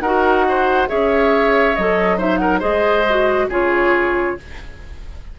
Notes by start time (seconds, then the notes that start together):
0.00 D#4 F#4 A#4 F#5
0.49 C5
0.87 C#4 G#4 C#5 E5
1.75 F#3 A4 D#5
2.17 D#4 C5 E5
2.37 A#4 F#5
2.59 G#3 G#4 C5 D#5
3.09 F#4
3.48 C#3 F4 G#4 C#5